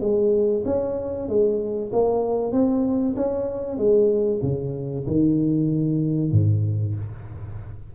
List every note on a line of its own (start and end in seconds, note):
0.00 0.63 G#3
0.65 1.28 C#4
1.28 1.91 G#3
1.92 2.52 A#3
2.52 3.15 C4
3.16 3.77 C#4
3.77 4.40 G#3
4.42 5.05 C#3
5.06 6.31 D#3
6.31 6.94 G#2